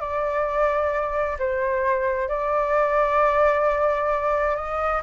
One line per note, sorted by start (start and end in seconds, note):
0.00 1.37 D5
1.39 2.29 C5
2.29 4.56 D5
4.56 5.02 D#5